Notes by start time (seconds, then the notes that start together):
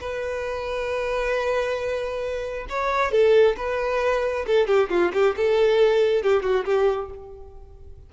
0.00 B4
2.69 C#5
3.11 A4
3.56 B4
4.46 A4
4.67 G4
4.89 F4
5.13 G4
5.37 A4
6.23 G4
6.42 F#4
6.65 G4